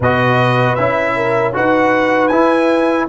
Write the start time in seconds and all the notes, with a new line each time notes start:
0.00 B2 F#4 B4 D#5
0.75 C#4 E4 E5
1.15 A#4
1.53 D#4 F#4 B4 F#5
2.28 E4 G#5